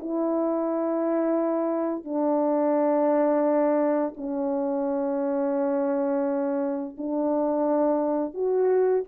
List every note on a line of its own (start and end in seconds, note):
0.00 2.05 E4
2.05 4.14 D4
4.17 6.96 C#4
6.98 8.34 D4
8.34 9.04 F#4